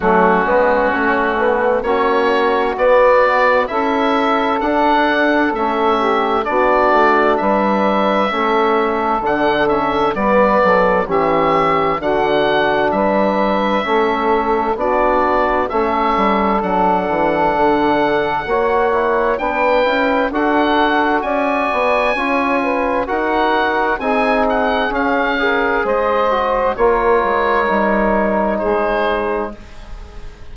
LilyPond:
<<
  \new Staff \with { instrumentName = "oboe" } { \time 4/4 \tempo 4 = 65 fis'2 cis''4 d''4 | e''4 fis''4 e''4 d''4 | e''2 fis''8 e''8 d''4 | e''4 fis''4 e''2 |
d''4 e''4 fis''2~ | fis''4 g''4 fis''4 gis''4~ | gis''4 fis''4 gis''8 fis''8 f''4 | dis''4 cis''2 c''4 | }
  \new Staff \with { instrumentName = "saxophone" } { \time 4/4 cis'2 fis'2 | a'2~ a'8 g'8 fis'4 | b'4 a'2 b'8 a'8 | g'4 fis'4 b'4 a'4 |
fis'4 a'2. | cis''4 b'4 a'4 d''4 | cis''8 b'8 ais'4 gis'4. ais'8 | c''4 ais'2 gis'4 | }
  \new Staff \with { instrumentName = "trombone" } { \time 4/4 a8 b8 cis'8 b8 cis'4 b4 | e'4 d'4 cis'4 d'4~ | d'4 cis'4 d'8 cis'8 b4 | cis'4 d'2 cis'4 |
d'4 cis'4 d'2 | fis'8 e'8 d'8 e'8 fis'2 | f'4 fis'4 dis'4 cis'8 gis'8~ | gis'8 fis'8 f'4 dis'2 | }
  \new Staff \with { instrumentName = "bassoon" } { \time 4/4 fis8 gis8 a4 ais4 b4 | cis'4 d'4 a4 b8 a8 | g4 a4 d4 g8 fis8 | e4 d4 g4 a4 |
b4 a8 g8 fis8 e8 d4 | ais4 b8 cis'8 d'4 cis'8 b8 | cis'4 dis'4 c'4 cis'4 | gis4 ais8 gis8 g4 gis4 | }
>>